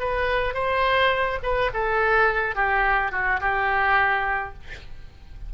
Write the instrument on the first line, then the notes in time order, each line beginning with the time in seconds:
oboe
0.00 B4
0.54 C5
1.43 B4
1.74 A4
2.55 G4
3.12 F#4
3.41 G4